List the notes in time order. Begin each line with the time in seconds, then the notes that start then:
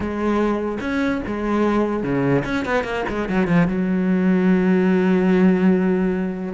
0.00 G#3
0.80 C#4
1.26 G#3
2.03 C#3
2.45 C#4
2.65 B3
2.84 A#3
3.08 G#3
3.28 F#3
3.47 F3
3.67 F#3